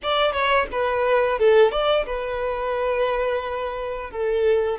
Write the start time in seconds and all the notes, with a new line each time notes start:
0.02 D5
0.32 C#5
0.71 B4
1.38 A4
1.71 D5
2.06 B4
4.10 A4